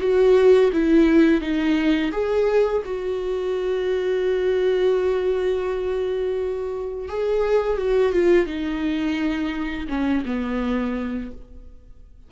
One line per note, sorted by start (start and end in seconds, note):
0.00 0.71 F#4
0.72 1.41 E4
1.41 2.11 D#4
2.12 2.82 G#4
2.85 7.08 F#4
7.08 7.77 G#4
7.77 8.12 F#4
8.12 8.46 F4
8.46 9.87 D#4
9.88 10.24 C#4
10.25 11.31 B3